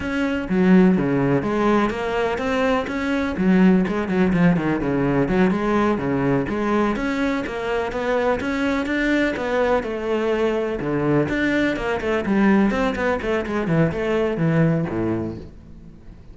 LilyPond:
\new Staff \with { instrumentName = "cello" } { \time 4/4 \tempo 4 = 125 cis'4 fis4 cis4 gis4 | ais4 c'4 cis'4 fis4 | gis8 fis8 f8 dis8 cis4 fis8 gis8~ | gis8 cis4 gis4 cis'4 ais8~ |
ais8 b4 cis'4 d'4 b8~ | b8 a2 d4 d'8~ | d'8 ais8 a8 g4 c'8 b8 a8 | gis8 e8 a4 e4 a,4 | }